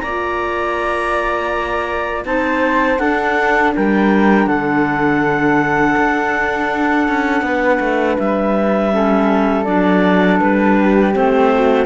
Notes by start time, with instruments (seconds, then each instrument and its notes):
0.00 cello A#3, clarinet F4 A#5, flute D5
2.25 cello C4, clarinet D#4 A5, flute C5
2.98 clarinet D4 F#5, cello D4, flute A4
3.76 cello G3, flute A#4, clarinet G5
4.47 cello D3, flute A4, clarinet F#5
5.97 cello D4
7.08 cello C#4
7.42 cello B3, flute B4
7.80 cello A3
8.19 cello G3, clarinet E5
8.92 clarinet C#4, flute A4
9.65 cello F#3, clarinet D4 D5
10.40 cello G3, clarinet B4
10.79 flute G4
11.13 cello A3, clarinet C4 C5
11.54 flute F#4